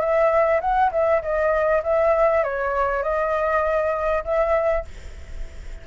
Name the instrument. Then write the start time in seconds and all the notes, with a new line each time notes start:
flute
0.00 E5
0.61 F#5
0.92 E5
1.22 D#5
1.83 E5
2.44 C#5
3.03 D#5
4.25 E5